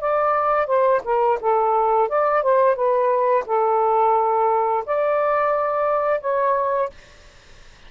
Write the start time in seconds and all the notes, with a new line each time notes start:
0.00 D5
0.67 C5
1.04 A#4
1.41 A4
2.08 D5
2.42 C5
2.75 B4
3.46 A4
4.86 D5
6.21 C#5